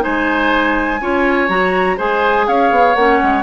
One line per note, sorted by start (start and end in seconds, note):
0.00 1.01 G#3
0.00 0.98 D#4
0.00 1.01 C5
0.00 1.49 G#5
1.01 1.49 C#4
1.01 1.49 F4
1.01 1.97 C#5
1.49 1.98 F#3
1.49 1.97 F#4
1.49 1.98 A#5
1.97 2.48 G#3
1.97 2.95 G#4
1.97 2.46 C5
1.97 2.48 G#5
2.48 2.71 C#4
2.48 3.43 C#5
2.48 2.95 F5
2.71 2.95 B3
2.95 3.20 A#3
2.95 3.43 C#4
2.95 3.43 F#5
3.23 3.43 G#3